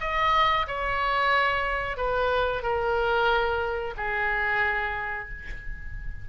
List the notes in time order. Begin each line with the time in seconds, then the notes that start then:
0.00 D#5
0.67 C#5
1.97 B4
2.62 A#4
3.97 G#4